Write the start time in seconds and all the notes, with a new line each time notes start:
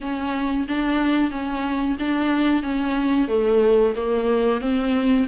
0.00 C#4
0.67 D4
1.30 C#4
1.99 D4
2.62 C#4
3.28 A3
3.96 A#3
4.61 C4